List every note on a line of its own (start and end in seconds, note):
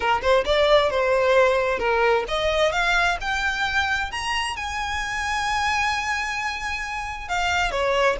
0.00 0.21 A#4
0.21 0.44 C5
0.45 0.90 D5
0.90 1.79 C5
1.79 2.24 A#4
2.27 2.72 D#5
2.72 3.17 F5
3.20 4.11 G5
4.11 4.56 A#5
4.56 7.28 G#5
7.28 7.71 F5
7.71 8.16 C#5